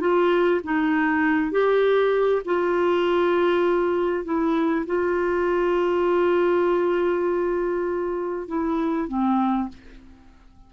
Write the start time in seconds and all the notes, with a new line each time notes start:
0.00 F4
0.64 D#4
1.51 G4
2.45 F4
4.25 E4
4.86 F4
8.48 E4
9.08 C4